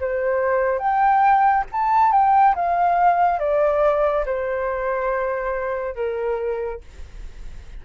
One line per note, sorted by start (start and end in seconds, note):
0.00 0.79 C5
0.79 1.64 G5
1.72 2.12 A5
2.12 2.55 G5
2.56 3.39 F5
3.39 4.25 D5
4.26 5.95 C5
5.95 6.81 A#4